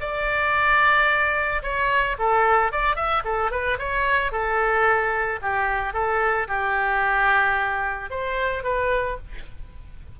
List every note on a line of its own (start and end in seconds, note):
0.00 1.62 D5
1.62 2.16 C#5
2.18 2.72 A4
2.72 2.96 D5
2.96 3.23 E5
3.25 3.51 A4
3.51 3.78 B4
3.78 4.31 C#5
4.31 5.40 A4
5.42 5.93 G4
5.93 6.47 A4
6.48 8.10 G4
8.10 8.63 C5
8.63 9.17 B4